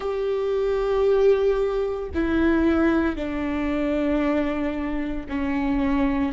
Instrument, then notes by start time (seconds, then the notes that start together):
viola
0.00 G4
2.14 E4
3.16 D4
5.28 C#4